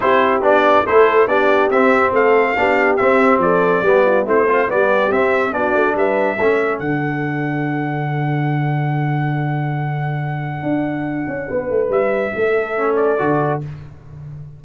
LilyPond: <<
  \new Staff \with { instrumentName = "trumpet" } { \time 4/4 \tempo 4 = 141 c''4 d''4 c''4 d''4 | e''4 f''2 e''4 | d''2 c''4 d''4 | e''4 d''4 e''2 |
fis''1~ | fis''1~ | fis''1 | e''2~ e''8 d''4. | }
  \new Staff \with { instrumentName = "horn" } { \time 4/4 g'2 a'4 g'4~ | g'4 a'4 g'2 | a'4 g'8 f'8 e'8 c'8 g'4~ | g'4 fis'4 b'4 a'4~ |
a'1~ | a'1~ | a'2. b'4~ | b'4 a'2. | }
  \new Staff \with { instrumentName = "trombone" } { \time 4/4 e'4 d'4 e'4 d'4 | c'2 d'4 c'4~ | c'4 b4 c'8 f'8 b4 | c'4 d'2 cis'4 |
d'1~ | d'1~ | d'1~ | d'2 cis'4 fis'4 | }
  \new Staff \with { instrumentName = "tuba" } { \time 4/4 c'4 b4 a4 b4 | c'4 a4 b4 c'4 | f4 g4 a4 g4 | c'4 b8 a8 g4 a4 |
d1~ | d1~ | d4 d'4. cis'8 b8 a8 | g4 a2 d4 | }
>>